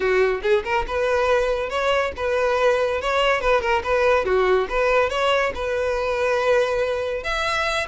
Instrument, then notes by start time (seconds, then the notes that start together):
violin
0.00 F#4
0.42 G#4
0.64 A#4
0.87 B4
1.69 C#5
2.16 B4
3.01 C#5
3.40 B4
3.61 A#4
3.83 B4
4.25 F#4
4.69 B4
5.09 C#5
5.54 B4
7.23 E5